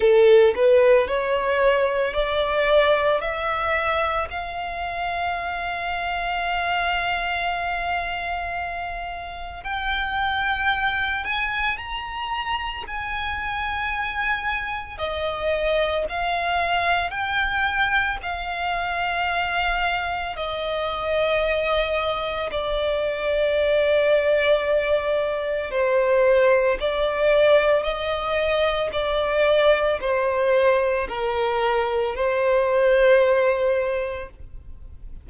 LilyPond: \new Staff \with { instrumentName = "violin" } { \time 4/4 \tempo 4 = 56 a'8 b'8 cis''4 d''4 e''4 | f''1~ | f''4 g''4. gis''8 ais''4 | gis''2 dis''4 f''4 |
g''4 f''2 dis''4~ | dis''4 d''2. | c''4 d''4 dis''4 d''4 | c''4 ais'4 c''2 | }